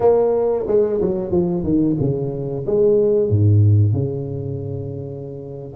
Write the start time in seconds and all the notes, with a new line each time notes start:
0.00 A#3
0.67 G#3
1.01 F#3
1.31 F3
1.63 D#3
1.99 C#3
2.66 G#3
3.29 G#2
3.92 C#3